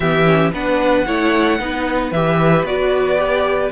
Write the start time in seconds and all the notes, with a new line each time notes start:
0.00 E3 B3 G4 E5
0.24 C#4
0.53 B3 D4 B4 F#5
1.06 A3 E4 C#5
1.59 B3 D#4 B4
2.11 E3 G4 E5
2.63 B3 F#4 D5
3.17 G4